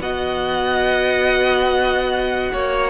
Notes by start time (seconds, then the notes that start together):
0.00 B3 F#4 D#5 F#5
2.52 A#3 C#5